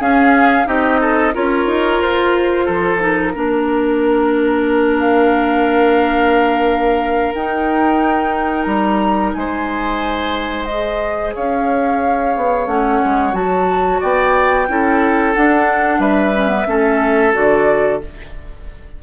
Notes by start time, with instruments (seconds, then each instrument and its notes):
0.00 bassoon C#4, clarinet C#4, oboe G#4, flute F5
0.66 bassoon C4, clarinet D#4, oboe G4, flute D#5
1.01 oboe A4
1.34 bassoon C#4, clarinet F4, oboe A#4, flute C#5
1.67 bassoon D#4
2.01 bassoon F4, flute C5
2.66 bassoon F3, oboe A4
3.00 clarinet D#4, flute A#4
3.35 bassoon A#3, clarinet D4, oboe A#4
5.00 flute F5
7.35 bassoon D#4, clarinet D#4, flute G5
8.63 bassoon G3, flute A#5
9.34 bassoon G#3, oboe C5, flute G#5
10.65 clarinet G#4, flute D#5
11.35 bassoon C#4, oboe C#5, flute F5
12.37 bassoon B3
12.67 bassoon A3, clarinet C#4, flute F#5
13.05 bassoon G#3
13.33 bassoon F#3, clarinet F#4, flute A5
14.00 bassoon B3, oboe D5, flute G5
14.68 bassoon C#4, clarinet E4, oboe A4
15.35 clarinet D4, bassoon D4, flute F#5
15.99 bassoon G3, oboe B4, flute E5
16.35 clarinet C#4
16.48 clarinet B3
16.67 bassoon A3, clarinet C#4, oboe A4
17.33 bassoon D3, clarinet F#4, flute D5